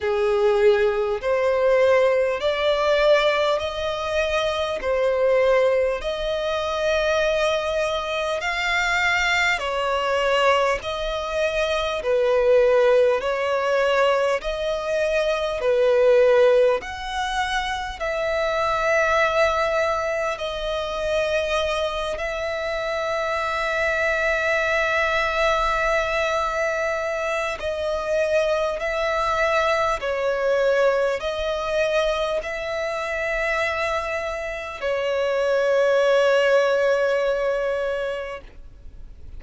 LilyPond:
\new Staff \with { instrumentName = "violin" } { \time 4/4 \tempo 4 = 50 gis'4 c''4 d''4 dis''4 | c''4 dis''2 f''4 | cis''4 dis''4 b'4 cis''4 | dis''4 b'4 fis''4 e''4~ |
e''4 dis''4. e''4.~ | e''2. dis''4 | e''4 cis''4 dis''4 e''4~ | e''4 cis''2. | }